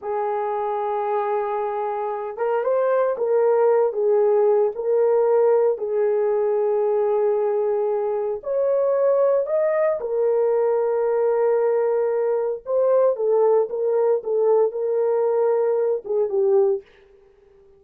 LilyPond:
\new Staff \with { instrumentName = "horn" } { \time 4/4 \tempo 4 = 114 gis'1~ | gis'8 ais'8 c''4 ais'4. gis'8~ | gis'4 ais'2 gis'4~ | gis'1 |
cis''2 dis''4 ais'4~ | ais'1 | c''4 a'4 ais'4 a'4 | ais'2~ ais'8 gis'8 g'4 | }